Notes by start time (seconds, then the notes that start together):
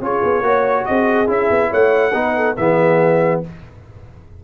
0.00 C#4 F4 G#4 C#5
0.23 B3
0.41 A#3 F#4 C#5
0.85 C4 G#4 D#5
1.27 C#4 E4 E5
1.50 B3
1.70 A3 C#5 F#5
2.14 B3 D#4 B4
2.36 A4
2.56 E3 B3 G#4 E5